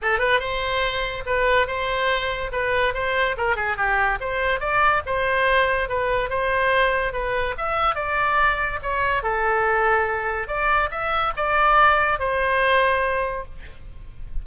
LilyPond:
\new Staff \with { instrumentName = "oboe" } { \time 4/4 \tempo 4 = 143 a'8 b'8 c''2 b'4 | c''2 b'4 c''4 | ais'8 gis'8 g'4 c''4 d''4 | c''2 b'4 c''4~ |
c''4 b'4 e''4 d''4~ | d''4 cis''4 a'2~ | a'4 d''4 e''4 d''4~ | d''4 c''2. | }